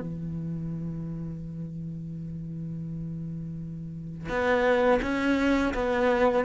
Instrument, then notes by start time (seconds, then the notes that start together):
cello
0.00 E3
4.28 B3
5.02 C#4
5.74 B3